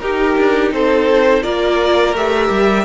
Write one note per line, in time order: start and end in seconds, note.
0.00 0.37 D#4
0.00 1.43 D#4
0.00 0.73 G4
0.00 0.71 A#4
0.38 0.72 D4
0.72 1.43 C4
0.72 1.44 A4
0.72 1.43 C5
1.43 2.14 A#3
1.43 2.14 F4
1.43 2.85 A#4
1.43 2.15 D5
2.14 2.49 A3
2.14 2.85 G4
2.14 2.85 E5
2.50 2.85 G3